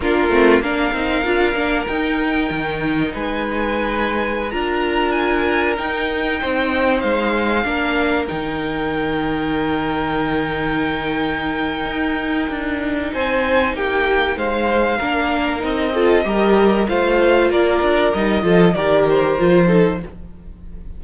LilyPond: <<
  \new Staff \with { instrumentName = "violin" } { \time 4/4 \tempo 4 = 96 ais'4 f''2 g''4~ | g''4 gis''2~ gis''16 ais''8.~ | ais''16 gis''4 g''2 f''8.~ | f''4~ f''16 g''2~ g''8.~ |
g''1~ | g''4 gis''4 g''4 f''4~ | f''4 dis''2 f''4 | d''4 dis''4 d''8 c''4. | }
  \new Staff \with { instrumentName = "violin" } { \time 4/4 f'4 ais'2.~ | ais'4 b'2~ b'16 ais'8.~ | ais'2~ ais'16 c''4.~ c''16~ | c''16 ais'2.~ ais'8.~ |
ais'1~ | ais'4 c''4 g'4 c''4 | ais'4. a'8 ais'4 c''4 | ais'4. a'8 ais'4. a'8 | }
  \new Staff \with { instrumentName = "viola" } { \time 4/4 d'8 c'8 d'8 dis'8 f'8 d'8 dis'4~ | dis'2.~ dis'16 f'8.~ | f'4~ f'16 dis'2~ dis'8.~ | dis'16 d'4 dis'2~ dis'8.~ |
dis'1~ | dis'1 | d'4 dis'8 f'8 g'4 f'4~ | f'4 dis'8 f'8 g'4 f'8 dis'8 | }
  \new Staff \with { instrumentName = "cello" } { \time 4/4 ais8 a8 ais8 c'8 d'8 ais8 dis'4 | dis4 gis2~ gis16 d'8.~ | d'4~ d'16 dis'4 c'4 gis8.~ | gis16 ais4 dis2~ dis8.~ |
dis2. dis'4 | d'4 c'4 ais4 gis4 | ais4 c'4 g4 a4 | ais8 d'8 g8 f8 dis4 f4 | }
>>